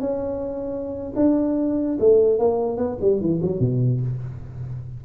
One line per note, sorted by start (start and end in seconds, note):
0.00 1.13 C#4
1.16 1.98 D4
2.00 2.39 A3
2.39 2.77 A#3
2.77 2.98 B3
3.01 3.21 G3
3.21 3.41 E3
3.42 3.60 F#3
3.60 4.01 B2